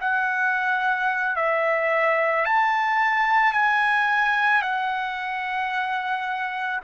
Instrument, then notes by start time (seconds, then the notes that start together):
trumpet
0.00 F#5
1.36 E5
2.45 A5
3.53 G#5
4.62 F#5